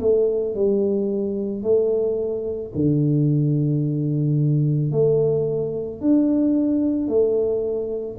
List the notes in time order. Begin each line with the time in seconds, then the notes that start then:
0.00 A3
0.55 G3
1.63 A3
2.75 D3
4.91 A3
6.00 D4
7.08 A3